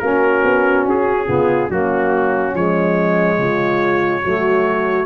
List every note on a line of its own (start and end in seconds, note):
0.00 0.43 A#3
0.00 1.27 C#4
0.00 1.27 F#4
0.00 0.85 A#4
0.44 0.86 B3
0.86 1.28 C#4
0.86 1.71 G#4
1.27 1.70 C#3
1.27 1.69 B3
1.27 1.70 F4
1.70 2.55 F#3
1.70 2.52 A#3
1.70 3.39 C#4
1.70 2.56 F#4
2.52 3.39 F3
2.52 4.21 G#3
2.52 5.06 C#5
3.39 4.23 C#3
3.39 4.22 F4
4.22 5.06 F#3
4.22 5.06 A3
4.22 5.06 F#4